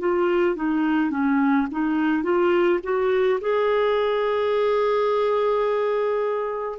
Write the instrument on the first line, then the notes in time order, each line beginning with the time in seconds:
clarinet
0.00 F4
0.56 D#4
1.11 C#4
1.72 D#4
2.23 F4
2.84 F#4
3.41 G#4